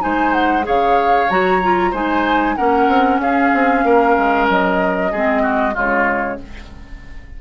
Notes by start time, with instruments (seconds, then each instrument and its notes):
0.00 bassoon G#3, clarinet D#4, oboe C5, flute G#5
0.33 flute F#5
0.63 bassoon C#3, clarinet G#4, oboe C#5, flute F5
1.30 bassoon F#3, clarinet F#4, flute A#5
1.62 clarinet F4
1.91 bassoon G#3, clarinet D#4, oboe C5, flute G#5
2.56 bassoon A#3, clarinet C#4, oboe A#4, flute F#5
2.88 bassoon C4
3.18 bassoon C#4, oboe G#4, flute F5
3.54 bassoon C4
3.84 bassoon A#3, oboe A#4
4.18 bassoon G#3
4.49 bassoon F#3, flute D#5
5.12 bassoon G#3, clarinet C4, oboe G#4
5.42 oboe F#4
5.74 bassoon C#3, clarinet G#3, oboe F4, flute C#5